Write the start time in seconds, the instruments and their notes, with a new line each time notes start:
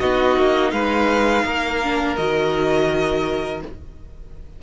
0.00 cello B3, viola D#4, violin F#4 D#5
0.37 cello A#3
0.71 cello G#3, violin B4 F5
1.45 cello A#3, violin A#4
1.84 viola D4
2.17 cello D#3, viola F#4, violin D#5